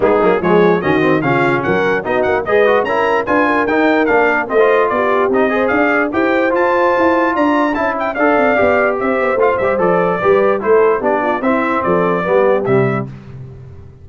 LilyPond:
<<
  \new Staff \with { instrumentName = "trumpet" } { \time 4/4 \tempo 4 = 147 gis'4 cis''4 dis''4 f''4 | fis''4 dis''8 fis''8 dis''4 ais''4 | gis''4 g''4 f''4 dis''4 | d''4 dis''4 f''4 g''4 |
a''2 ais''4 a''8 g''8 | f''2 e''4 f''8 e''8 | d''2 c''4 d''4 | e''4 d''2 e''4 | }
  \new Staff \with { instrumentName = "horn" } { \time 4/4 dis'4 gis'4 fis'4 f'4 | ais'4 fis'4 b'4 ais'4 | b'8 ais'2~ ais'8 c''4 | g'4. c''8 d''4 c''4~ |
c''2 d''4 e''4 | d''2 c''2~ | c''4 b'4 a'4 g'8 f'8 | e'4 a'4 g'2 | }
  \new Staff \with { instrumentName = "trombone" } { \time 4/4 b8 ais8 gis4 cis'8 c'8 cis'4~ | cis'4 dis'4 gis'8 fis'8 e'4 | f'4 dis'4 d'4 c'16 f'8.~ | f'4 dis'8 gis'4. g'4 |
f'2. e'4 | a'4 g'2 f'8 g'8 | a'4 g'4 e'4 d'4 | c'2 b4 g4 | }
  \new Staff \with { instrumentName = "tuba" } { \time 4/4 gis8 fis8 f4 dis4 cis4 | fis4 b8 ais8 gis4 cis'4 | d'4 dis'4 ais4 a4 | b4 c'4 d'4 e'4 |
f'4 e'4 d'4 cis'4 | d'8 c'8 b4 c'8 b8 a8 g8 | f4 g4 a4 b4 | c'4 f4 g4 c4 | }
>>